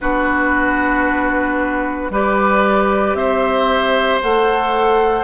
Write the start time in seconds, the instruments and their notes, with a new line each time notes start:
0.00 bassoon B3, clarinet D4, oboe F#4, flute B4
2.10 bassoon G3, clarinet G4, oboe B4, flute D5
3.13 bassoon C4, oboe C5, flute E5
4.21 bassoon A3, clarinet A4, flute F#5